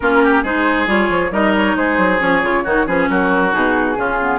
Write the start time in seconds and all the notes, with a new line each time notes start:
0.00 A#3 C#4 F4 A#4
0.23 G4
0.43 G#3 D#4 G#4 C5
0.87 G3 F4 C#5
1.09 F3
1.31 G3 D#4 A#4 D#5
1.56 C#5
1.75 G#3 G#4 C5
1.97 F#3
2.19 F3 C#4 C#5
2.42 C#3 F4
2.64 D#3 D#4 F#4
2.86 F3 C#4 G#4 B4
3.09 F#3 F#4 A#4
3.51 B2 D#4 G#4
3.95 C#3 C#4 F4
4.21 B3